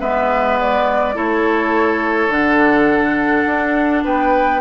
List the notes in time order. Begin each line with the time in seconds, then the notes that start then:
0.00 G#3 B3 B4 E5
0.60 D5
1.14 A3 E4 A4 C#5
2.28 D3 D4 F#5
3.46 D4
4.04 B3 B4 G5